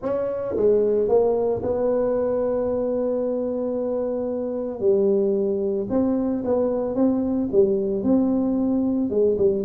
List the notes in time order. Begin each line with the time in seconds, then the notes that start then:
0.02 C#4
0.56 G#3
1.08 A#3
1.62 B3
4.80 G3
5.89 C4
6.44 B3
6.95 C4
7.52 G3
8.03 C4
9.09 G#3
9.37 G3